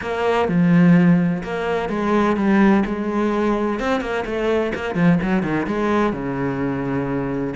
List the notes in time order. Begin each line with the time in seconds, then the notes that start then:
0.01 A#3
0.48 F3
1.43 A#3
1.89 G#3
2.36 G3
2.85 G#3
3.79 C4
4.01 A#3
4.25 A3
4.74 A#3
4.95 F3
5.22 F#3
5.42 D#3
5.66 G#3
6.12 C#3